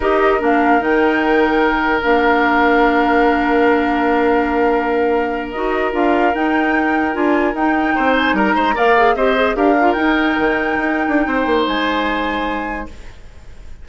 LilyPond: <<
  \new Staff \with { instrumentName = "flute" } { \time 4/4 \tempo 4 = 149 dis''4 f''4 g''2~ | g''4 f''2.~ | f''1~ | f''4.~ f''16 dis''4 f''4 g''16~ |
g''4.~ g''16 gis''4 g''4~ g''16~ | g''16 gis''8 ais''4 f''4 dis''4 f''16~ | f''8. g''2.~ g''16~ | g''4 gis''2. | }
  \new Staff \with { instrumentName = "oboe" } { \time 4/4 ais'1~ | ais'1~ | ais'1~ | ais'1~ |
ais'2.~ ais'8. c''16~ | c''8. ais'8 c''8 d''4 c''4 ais'16~ | ais'1 | c''1 | }
  \new Staff \with { instrumentName = "clarinet" } { \time 4/4 g'4 d'4 dis'2~ | dis'4 d'2.~ | d'1~ | d'4.~ d'16 fis'4 f'4 dis'16~ |
dis'4.~ dis'16 f'4 dis'4~ dis'16~ | dis'4.~ dis'16 ais'8 gis'8 g'8 gis'8 g'16~ | g'16 f'8 dis'2.~ dis'16~ | dis'1 | }
  \new Staff \with { instrumentName = "bassoon" } { \time 4/4 dis'4 ais4 dis2~ | dis4 ais2.~ | ais1~ | ais4.~ ais16 dis'4 d'4 dis'16~ |
dis'4.~ dis'16 d'4 dis'4 c'16~ | c'8. g8 gis8 ais4 c'4 d'16~ | d'8. dis'4 dis4 dis'8. d'8 | c'8 ais8 gis2. | }
>>